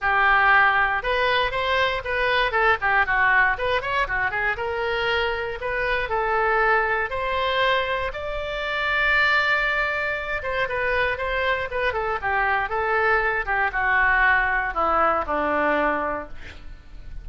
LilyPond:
\new Staff \with { instrumentName = "oboe" } { \time 4/4 \tempo 4 = 118 g'2 b'4 c''4 | b'4 a'8 g'8 fis'4 b'8 cis''8 | fis'8 gis'8 ais'2 b'4 | a'2 c''2 |
d''1~ | d''8 c''8 b'4 c''4 b'8 a'8 | g'4 a'4. g'8 fis'4~ | fis'4 e'4 d'2 | }